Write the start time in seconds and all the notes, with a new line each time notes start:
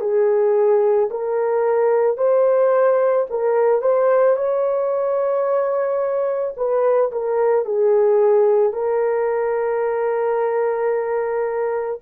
0.00 G#4
1.10 A#4
2.17 C5
3.30 A#4
3.81 C5
4.36 C#5
6.57 B4
7.11 A#4
7.65 G#4
8.73 A#4